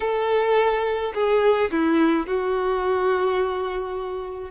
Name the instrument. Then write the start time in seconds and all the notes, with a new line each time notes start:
violin
0.00 A4
1.14 G#4
1.71 E4
2.26 F#4